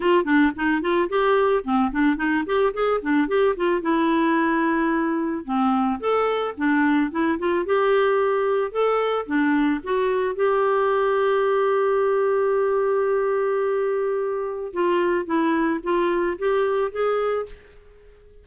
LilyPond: \new Staff \with { instrumentName = "clarinet" } { \time 4/4 \tempo 4 = 110 f'8 d'8 dis'8 f'8 g'4 c'8 d'8 | dis'8 g'8 gis'8 d'8 g'8 f'8 e'4~ | e'2 c'4 a'4 | d'4 e'8 f'8 g'2 |
a'4 d'4 fis'4 g'4~ | g'1~ | g'2. f'4 | e'4 f'4 g'4 gis'4 | }